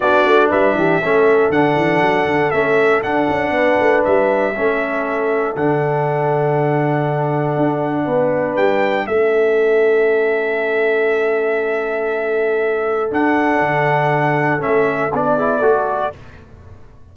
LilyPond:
<<
  \new Staff \with { instrumentName = "trumpet" } { \time 4/4 \tempo 4 = 119 d''4 e''2 fis''4~ | fis''4 e''4 fis''2 | e''2. fis''4~ | fis''1~ |
fis''4 g''4 e''2~ | e''1~ | e''2 fis''2~ | fis''4 e''4 d''2 | }
  \new Staff \with { instrumentName = "horn" } { \time 4/4 fis'4 b'8 g'8 a'2~ | a'2. b'4~ | b'4 a'2.~ | a'1 |
b'2 a'2~ | a'1~ | a'1~ | a'2~ a'8 gis'8 a'4 | }
  \new Staff \with { instrumentName = "trombone" } { \time 4/4 d'2 cis'4 d'4~ | d'4 cis'4 d'2~ | d'4 cis'2 d'4~ | d'1~ |
d'2 cis'2~ | cis'1~ | cis'2 d'2~ | d'4 cis'4 d'8 e'8 fis'4 | }
  \new Staff \with { instrumentName = "tuba" } { \time 4/4 b8 a8 g8 e8 a4 d8 e8 | fis8 d8 a4 d'8 cis'8 b8 a8 | g4 a2 d4~ | d2. d'4 |
b4 g4 a2~ | a1~ | a2 d'4 d4~ | d4 a4 b4 a4 | }
>>